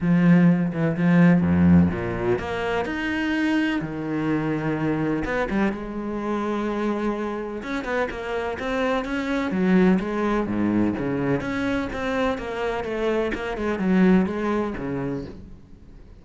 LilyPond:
\new Staff \with { instrumentName = "cello" } { \time 4/4 \tempo 4 = 126 f4. e8 f4 f,4 | ais,4 ais4 dis'2 | dis2. b8 g8 | gis1 |
cis'8 b8 ais4 c'4 cis'4 | fis4 gis4 gis,4 cis4 | cis'4 c'4 ais4 a4 | ais8 gis8 fis4 gis4 cis4 | }